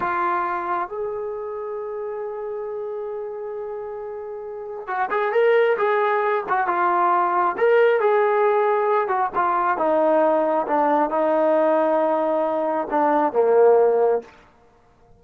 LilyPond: \new Staff \with { instrumentName = "trombone" } { \time 4/4 \tempo 4 = 135 f'2 gis'2~ | gis'1~ | gis'2. fis'8 gis'8 | ais'4 gis'4. fis'8 f'4~ |
f'4 ais'4 gis'2~ | gis'8 fis'8 f'4 dis'2 | d'4 dis'2.~ | dis'4 d'4 ais2 | }